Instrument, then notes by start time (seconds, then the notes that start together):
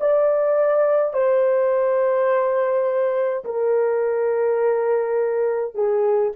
horn
0.00 D5
1.13 C5
3.44 A#4
5.74 G#4